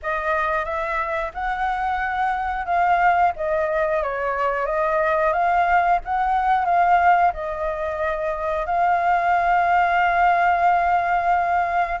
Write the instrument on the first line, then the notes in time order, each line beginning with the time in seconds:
flute
0.02 D#5
0.65 E5
1.34 F#5
2.65 F5
3.35 D#5
4.02 C#5
4.65 D#5
5.32 F5
6.04 F#5
6.65 F5
7.33 D#5
8.66 F5